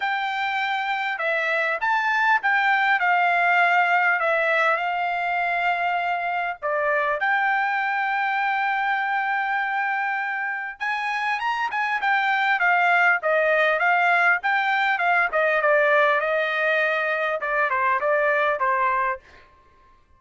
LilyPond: \new Staff \with { instrumentName = "trumpet" } { \time 4/4 \tempo 4 = 100 g''2 e''4 a''4 | g''4 f''2 e''4 | f''2. d''4 | g''1~ |
g''2 gis''4 ais''8 gis''8 | g''4 f''4 dis''4 f''4 | g''4 f''8 dis''8 d''4 dis''4~ | dis''4 d''8 c''8 d''4 c''4 | }